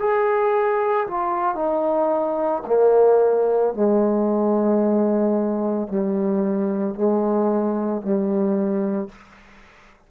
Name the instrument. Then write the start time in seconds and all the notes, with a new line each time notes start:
trombone
0.00 G#4
1.08 F4
1.56 D#4
2.66 A#3
3.74 G#3
5.88 G3
6.95 G#3
8.02 G3